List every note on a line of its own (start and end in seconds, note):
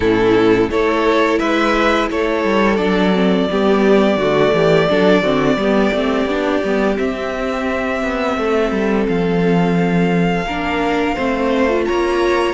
0.00 0.69 A2
0.00 0.70 C#4
0.00 0.69 E4
0.00 0.69 A4
0.69 1.38 A3
0.69 2.77 E4
0.69 1.39 A4
0.69 1.38 C#5
1.38 2.10 G#3
1.38 2.08 B4
1.38 2.08 E5
2.09 2.44 A3
2.09 3.49 A4
2.09 2.76 C#5
2.44 2.78 G3
2.76 3.48 F#3
2.76 3.12 D4
2.76 6.95 D5
3.13 3.48 C4
3.50 4.16 G3
3.50 4.20 B3
3.50 4.18 G4
4.16 4.51 D3
4.16 4.89 A3
4.16 4.53 F#4
4.53 4.88 E3
4.53 4.89 G4
4.89 5.22 F#3
4.89 5.23 D4
4.89 5.22 A4
5.22 5.56 D3
5.22 5.57 C4
5.22 5.57 F#4
5.56 5.91 G3
5.56 5.93 B3
5.56 8.37 G4
5.92 6.25 A3
5.92 6.28 C4
6.25 6.60 B3
6.25 6.63 D4
6.64 6.99 G3
6.64 6.96 B3
6.96 10.45 C4
6.96 8.02 C4
6.96 9.06 E5
8.02 8.37 B3
8.37 8.71 A3
8.37 10.46 A4
8.71 9.06 G3
9.08 10.46 F3
9.08 11.84 F5
10.46 11.15 A#3
10.46 11.16 D4
10.46 11.14 A#4
11.14 11.88 A3
11.14 11.68 C4
11.14 11.84 C5
11.68 12.53 F4
11.84 12.53 A#3
11.84 12.53 C#5
11.84 12.53 A#5